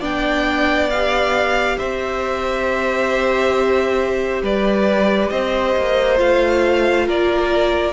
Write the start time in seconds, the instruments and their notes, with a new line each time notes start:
0.00 cello B3, viola D4, violin D5 G5
0.90 viola G4, violin F5
1.78 cello C4, violin C5 E5
4.43 cello G3, violin B4 D5
5.30 cello C4, violin C5 D#5
5.76 cello A#3
6.16 cello A3, viola F4, violin F5
7.07 cello A#3, violin A#4 D5